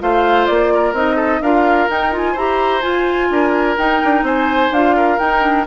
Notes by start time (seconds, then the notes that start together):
0.00 A3 F4 C5 F5
0.46 A#3 D5
0.74 A#4
0.93 C4 D#4 D#5
1.16 A4
1.41 D4 F4 A#4 F5
1.90 D#4 G5
2.12 F4 G#5
2.32 E4 G4 C5 A#5
2.82 F4 G#5
3.30 D4 A#4
3.78 D#4 G5
4.05 D4
4.23 C4 C5 G#5
4.71 D4 F4 F5
4.96 A#4
5.19 D#4 G5
5.41 D4